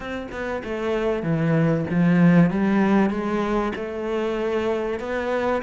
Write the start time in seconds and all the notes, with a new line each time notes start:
0.00 C4
0.31 B3
0.64 A3
1.22 E3
1.90 F3
2.50 G3
3.10 G#3
3.75 A3
4.99 B3